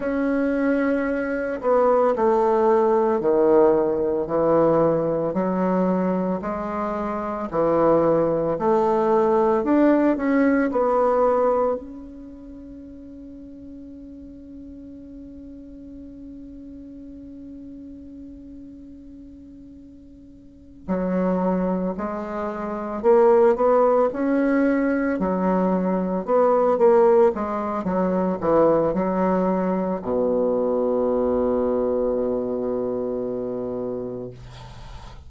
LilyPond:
\new Staff \with { instrumentName = "bassoon" } { \time 4/4 \tempo 4 = 56 cis'4. b8 a4 dis4 | e4 fis4 gis4 e4 | a4 d'8 cis'8 b4 cis'4~ | cis'1~ |
cis'2.~ cis'8 fis8~ | fis8 gis4 ais8 b8 cis'4 fis8~ | fis8 b8 ais8 gis8 fis8 e8 fis4 | b,1 | }